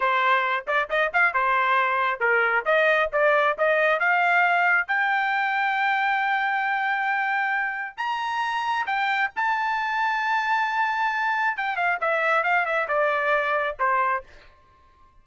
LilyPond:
\new Staff \with { instrumentName = "trumpet" } { \time 4/4 \tempo 4 = 135 c''4. d''8 dis''8 f''8 c''4~ | c''4 ais'4 dis''4 d''4 | dis''4 f''2 g''4~ | g''1~ |
g''2 ais''2 | g''4 a''2.~ | a''2 g''8 f''8 e''4 | f''8 e''8 d''2 c''4 | }